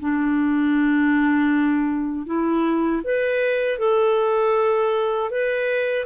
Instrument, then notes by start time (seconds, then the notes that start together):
clarinet
0.00 D4
2.26 E4
3.04 B4
3.79 A4
5.31 B4